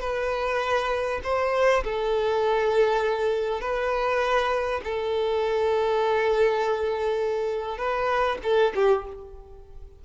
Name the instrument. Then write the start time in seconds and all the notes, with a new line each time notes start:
violin
0.00 B4
1.24 C5
1.84 A4
3.61 B4
4.84 A4
7.78 B4
8.43 A4
8.75 G4